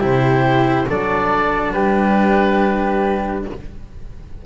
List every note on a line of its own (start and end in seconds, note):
0.00 0.87 C3
0.00 0.86 E4
0.00 0.86 G4
0.00 0.90 C5
0.88 1.74 F#3
0.88 3.46 D4
0.88 1.74 A4
0.88 1.73 D5
1.73 3.45 G3
1.73 3.45 G4
1.73 3.44 B4